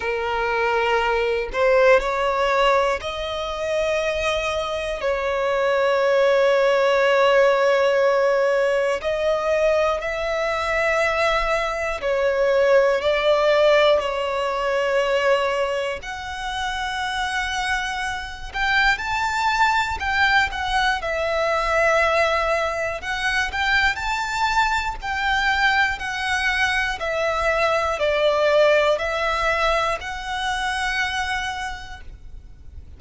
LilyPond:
\new Staff \with { instrumentName = "violin" } { \time 4/4 \tempo 4 = 60 ais'4. c''8 cis''4 dis''4~ | dis''4 cis''2.~ | cis''4 dis''4 e''2 | cis''4 d''4 cis''2 |
fis''2~ fis''8 g''8 a''4 | g''8 fis''8 e''2 fis''8 g''8 | a''4 g''4 fis''4 e''4 | d''4 e''4 fis''2 | }